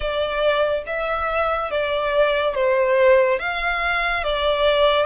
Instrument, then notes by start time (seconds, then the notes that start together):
violin
0.00 D5
0.86 E5
1.70 D5
2.54 C5
3.39 F5
4.23 D5